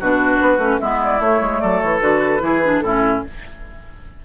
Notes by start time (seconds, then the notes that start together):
0.00 B2 D4 F#4 B4
0.41 B3
0.58 A3 C#4
0.80 G#3 B3 E4 E5
1.04 D5
1.20 A3 C#5
1.41 G#3
1.60 F#3 A4 D5
1.80 E3 C#5
2.01 D3 F#4 B4
2.40 E3 E4 G#4
2.64 D4
2.79 A2 C#4 E4 A4